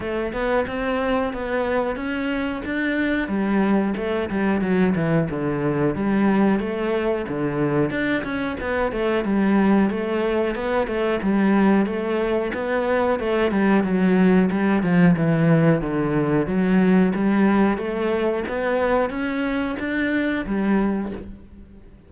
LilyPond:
\new Staff \with { instrumentName = "cello" } { \time 4/4 \tempo 4 = 91 a8 b8 c'4 b4 cis'4 | d'4 g4 a8 g8 fis8 e8 | d4 g4 a4 d4 | d'8 cis'8 b8 a8 g4 a4 |
b8 a8 g4 a4 b4 | a8 g8 fis4 g8 f8 e4 | d4 fis4 g4 a4 | b4 cis'4 d'4 g4 | }